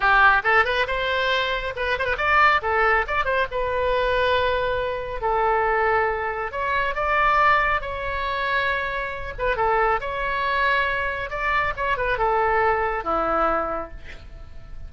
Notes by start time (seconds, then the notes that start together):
0.00 G4
0.43 A4
0.64 B4
0.87 C5
1.76 B4
1.98 C5
2.05 B4
2.17 D5
2.62 A4
3.07 D5
3.24 C5
3.51 B4
5.21 A4
6.51 C#5
6.94 D5
7.81 C#5
9.38 B4
9.56 A4
10.00 C#5
11.29 D5
11.76 C#5
11.97 B4
12.18 A4
13.04 E4